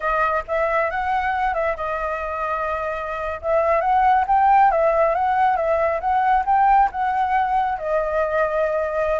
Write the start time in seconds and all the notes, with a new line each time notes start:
0.00 D#5
0.47 E5
0.90 F#5
1.53 E5
1.76 D#5
3.41 E5
3.81 F#5
4.27 G5
4.71 E5
5.14 F#5
5.56 E5
6.00 F#5
6.45 G5
6.91 F#5
7.78 D#5